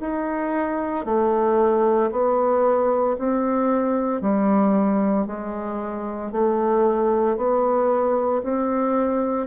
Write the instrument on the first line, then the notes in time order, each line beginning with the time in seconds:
bassoon
0.00 D#4
1.05 A3
2.11 B3
3.19 C4
4.22 G3
5.26 G#3
6.32 A3
7.37 B3
8.43 C4